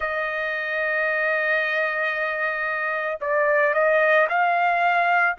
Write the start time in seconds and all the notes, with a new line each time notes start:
0.00 D#5
3.20 D5
3.74 D#5
4.29 F5